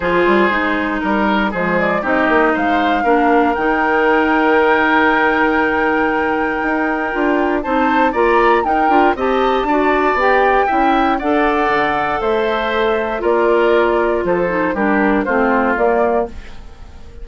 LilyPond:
<<
  \new Staff \with { instrumentName = "flute" } { \time 4/4 \tempo 4 = 118 c''2 ais'4 c''8 d''8 | dis''4 f''2 g''4~ | g''1~ | g''2. a''4 |
ais''4 g''4 a''2 | g''2 fis''2 | e''2 d''2 | c''4 ais'4 c''4 d''4 | }
  \new Staff \with { instrumentName = "oboe" } { \time 4/4 gis'2 ais'4 gis'4 | g'4 c''4 ais'2~ | ais'1~ | ais'2. c''4 |
d''4 ais'4 dis''4 d''4~ | d''4 e''4 d''2 | c''2 ais'2 | a'4 g'4 f'2 | }
  \new Staff \with { instrumentName = "clarinet" } { \time 4/4 f'4 dis'2 gis4 | dis'2 d'4 dis'4~ | dis'1~ | dis'2 f'4 dis'4 |
f'4 dis'8 f'8 g'4 fis'4 | g'4 e'4 a'2~ | a'2 f'2~ | f'8 dis'8 d'4 c'4 ais4 | }
  \new Staff \with { instrumentName = "bassoon" } { \time 4/4 f8 g8 gis4 g4 f4 | c'8 ais8 gis4 ais4 dis4~ | dis1~ | dis4 dis'4 d'4 c'4 |
ais4 dis'8 d'8 c'4 d'4 | b4 cis'4 d'4 d4 | a2 ais2 | f4 g4 a4 ais4 | }
>>